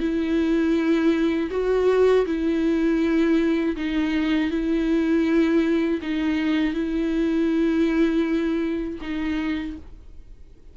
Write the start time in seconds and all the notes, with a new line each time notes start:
0.00 E4
1.51 F#4
2.26 E4
3.77 D#4
4.51 E4
6.02 D#4
6.74 E4
9.02 D#4